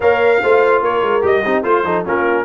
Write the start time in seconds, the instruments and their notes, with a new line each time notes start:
0.00 tuba A#3, trombone A#4, horn C#5, trumpet F5
0.42 tuba A3, trombone F4, horn C5
0.81 tuba A#3, horn A#4, trumpet C#5
1.02 tuba G#3
1.21 tuba G3, trombone G4, trumpet D#5
1.44 tuba C4, trombone D#4, horn G4
1.63 tuba A3, trombone F4, horn F4, trumpet C5
1.83 tuba F3, trombone D#4, horn A4
2.05 tuba A#3, trombone C#4, horn F4, trumpet A#4